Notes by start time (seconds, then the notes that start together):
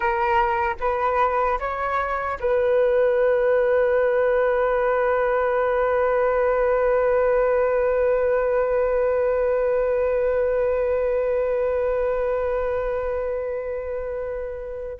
0.00 A#4
0.80 B4
1.59 C#5
2.39 B4